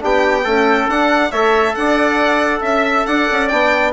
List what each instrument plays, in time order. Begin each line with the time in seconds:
0.00 bassoon B3, trombone D4, trumpet G4, violin G5
0.44 trombone A3, bassoon C#4, trumpet A4
0.89 bassoon D4, trombone D4, violin F#5
1.32 bassoon A3, trombone A4, trumpet C#5, violin E5
1.75 bassoon D4, trumpet D5, violin F#5
2.61 bassoon C#4, trumpet E5, violin E5
3.07 bassoon D4, trumpet D5, violin F#5
3.31 bassoon C#4
3.48 bassoon B3, trombone D4, violin G5